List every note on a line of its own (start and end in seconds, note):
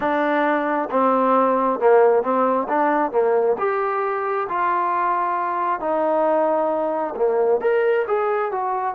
0.00 0.89 D4
0.90 1.79 C4
1.79 2.22 A#3
2.22 2.67 C4
2.68 3.11 D4
3.11 3.56 A#3
3.58 4.47 G4
4.48 5.80 F4
5.80 7.14 D#4
7.16 7.60 A#3
7.60 8.05 A#4
8.07 8.51 G#4
8.51 8.94 F#4